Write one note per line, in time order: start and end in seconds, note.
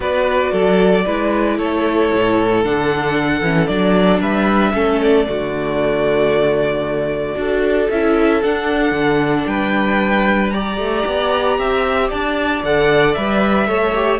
0.00 0.51 B3
0.00 1.03 F#4
0.00 0.51 B4
0.00 1.58 D5
0.51 1.05 F#3
0.51 1.04 A4
1.05 1.58 G#3
1.05 2.64 E4
1.05 1.57 B4
1.57 2.11 A3
1.57 4.20 A4
1.57 2.64 C#5
2.12 2.64 A2
2.64 3.41 D3
2.64 3.43 D4
2.64 3.67 F#5
3.41 3.67 E3
3.41 3.68 C#4
3.67 4.20 F#3
3.67 4.73 D4
3.67 4.20 D5
4.20 4.73 G3
4.20 4.72 B4
4.20 5.00 E5
4.73 5.26 A3
4.73 5.26 C#4
4.73 5.28 A4
5.02 7.90 D5
5.26 7.35 D3
5.26 7.35 A3
5.26 7.38 F#4
7.35 7.88 D4
7.35 7.87 F#4
7.35 9.48 A4
7.90 8.43 C#4
7.90 8.42 E4
7.90 8.42 E5
8.42 10.52 D4
8.42 8.91 D4
8.42 9.46 F#5
8.91 9.43 D3
9.46 10.77 G3
9.46 10.53 B4
9.46 10.50 G5
10.50 12.63 G4
10.50 11.58 D5
10.50 12.08 A#5
10.77 11.03 A3
11.06 11.58 B3
11.58 12.11 C4
11.58 12.09 E5
12.09 12.63 D4
12.09 13.67 D5
12.09 12.62 A5
12.63 13.16 D3
12.63 13.17 A4
12.63 13.14 F#5
13.14 13.68 G3
13.14 13.67 B4
13.14 14.19 E5
13.67 14.19 A3
13.67 13.93 A4
13.67 14.19 C#5
13.94 14.19 G4